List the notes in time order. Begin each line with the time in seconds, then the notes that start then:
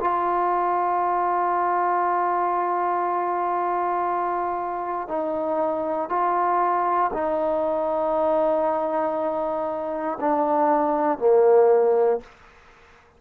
0.00 F4
5.08 D#4
6.09 F4
7.13 D#4
10.20 D4
11.18 A#3